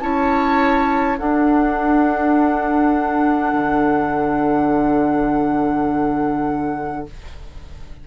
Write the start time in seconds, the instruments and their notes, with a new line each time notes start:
0.00 bassoon C#4, clarinet E4, oboe C#5, flute A5
1.18 clarinet D4, bassoon D4, oboe A4, flute F#5
3.53 bassoon D3